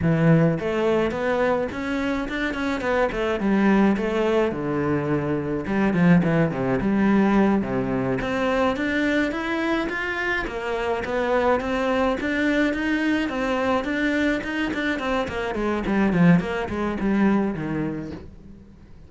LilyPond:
\new Staff \with { instrumentName = "cello" } { \time 4/4 \tempo 4 = 106 e4 a4 b4 cis'4 | d'8 cis'8 b8 a8 g4 a4 | d2 g8 f8 e8 c8 | g4. c4 c'4 d'8~ |
d'8 e'4 f'4 ais4 b8~ | b8 c'4 d'4 dis'4 c'8~ | c'8 d'4 dis'8 d'8 c'8 ais8 gis8 | g8 f8 ais8 gis8 g4 dis4 | }